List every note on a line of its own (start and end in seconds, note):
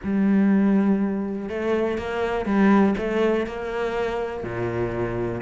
0.03 1.49 G3
1.49 1.98 A3
1.98 2.45 A#3
2.45 2.95 G3
2.98 3.46 A3
3.46 4.43 A#3
4.43 5.41 A#2